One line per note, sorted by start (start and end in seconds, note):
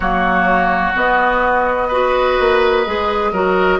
0.00 0.91 F#3
0.00 0.94 A#3
0.00 1.88 F#4
0.00 0.93 C#5
0.94 1.89 B3
0.94 2.38 B3
0.94 3.79 D#5
1.88 2.85 F#4
1.88 3.31 B4
2.39 2.86 A#3
2.85 3.32 G#3
2.85 3.33 G#4
3.32 3.79 F#3
3.32 3.79 F#4
3.32 3.79 A#4